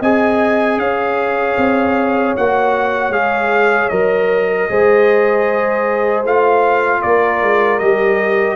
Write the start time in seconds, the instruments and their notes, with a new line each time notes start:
0.00 tuba C4, trombone G#4, horn D#5, trumpet G#5
0.78 tuba C#4, horn C#5, trumpet F5
1.57 tuba C4
2.37 tuba A#3, trombone F#4, trumpet F#5
3.09 tuba G#3, trombone G#4, trumpet F5
3.89 tuba F#3, trombone A#4, trumpet D#5
4.69 tuba G#3, trombone G#4, horn C5
6.25 tuba A3, trombone F4, trumpet F5
7.02 tuba A#3, horn A#4, trumpet D5
7.42 tuba G#3
7.79 tuba G3, trombone G4, trumpet D#5